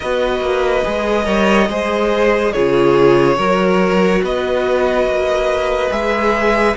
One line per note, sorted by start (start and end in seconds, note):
0.00 0.40 B3
0.00 0.83 F#4
0.00 1.25 B4
0.00 2.52 D#5
0.40 0.82 A#3
0.83 1.26 G#3
0.83 1.24 G#4
1.24 1.68 G3
1.24 1.67 A#4
1.24 1.68 C#5
1.68 2.53 G#3
1.68 2.54 G#4
1.68 2.52 C5
2.52 3.37 C#3
2.52 3.36 F4
2.52 3.37 G#4
2.52 4.21 C#5
3.36 4.22 F#3
3.36 5.89 F#4
3.36 4.21 A#4
4.23 5.06 B3
4.23 6.76 B4
4.23 5.91 D#5
5.06 5.90 A#3
5.91 6.75 G#3
5.91 6.75 G#4
5.91 6.76 E5